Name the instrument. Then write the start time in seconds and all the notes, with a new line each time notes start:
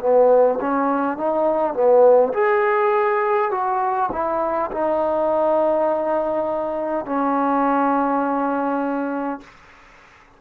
trombone
0.00 B3
0.61 C#4
1.18 D#4
1.74 B3
2.34 G#4
3.51 F#4
4.12 E4
4.72 D#4
7.06 C#4